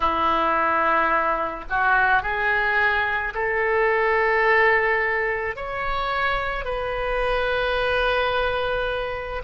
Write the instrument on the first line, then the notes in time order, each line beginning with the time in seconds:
oboe
0.00 E4
1.69 F#4
2.22 G#4
3.34 A4
5.56 C#5
6.64 B4